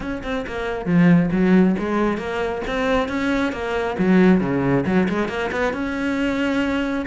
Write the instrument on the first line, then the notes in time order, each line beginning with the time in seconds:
cello
0.00 C#4
0.23 C4
0.46 A#3
0.85 F3
1.31 F#3
1.78 G#3
2.17 A#3
2.67 C4
3.08 C#4
3.52 A#3
3.98 F#3
4.40 C#3
4.85 F#3
5.08 G#3
5.28 A#3
5.51 B3
5.73 C#4